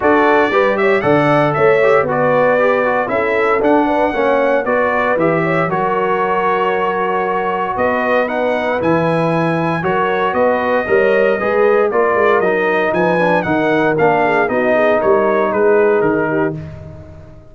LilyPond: <<
  \new Staff \with { instrumentName = "trumpet" } { \time 4/4 \tempo 4 = 116 d''4. e''8 fis''4 e''4 | d''2 e''4 fis''4~ | fis''4 d''4 e''4 cis''4~ | cis''2. dis''4 |
fis''4 gis''2 cis''4 | dis''2. d''4 | dis''4 gis''4 fis''4 f''4 | dis''4 cis''4 b'4 ais'4 | }
  \new Staff \with { instrumentName = "horn" } { \time 4/4 a'4 b'8 cis''8 d''4 cis''4 | b'2 a'4. b'8 | cis''4 b'4. cis''8 ais'4~ | ais'2. b'4~ |
b'2. ais'4 | b'4 cis''4 b'4 ais'4~ | ais'4 b'4 ais'4. gis'8 | fis'8 gis'8 ais'4 gis'4. g'8 | }
  \new Staff \with { instrumentName = "trombone" } { \time 4/4 fis'4 g'4 a'4. g'8 | fis'4 g'8 fis'8 e'4 d'4 | cis'4 fis'4 g'4 fis'4~ | fis'1 |
dis'4 e'2 fis'4~ | fis'4 ais'4 gis'4 f'4 | dis'4. d'8 dis'4 d'4 | dis'1 | }
  \new Staff \with { instrumentName = "tuba" } { \time 4/4 d'4 g4 d4 a4 | b2 cis'4 d'4 | ais4 b4 e4 fis4~ | fis2. b4~ |
b4 e2 fis4 | b4 g4 gis4 ais8 gis8 | fis4 f4 dis4 ais4 | b4 g4 gis4 dis4 | }
>>